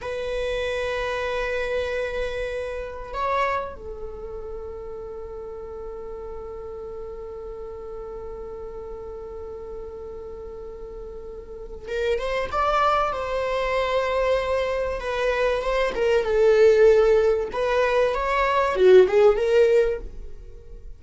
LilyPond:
\new Staff \with { instrumentName = "viola" } { \time 4/4 \tempo 4 = 96 b'1~ | b'4 cis''4 a'2~ | a'1~ | a'1~ |
a'2. ais'8 c''8 | d''4 c''2. | b'4 c''8 ais'8 a'2 | b'4 cis''4 fis'8 gis'8 ais'4 | }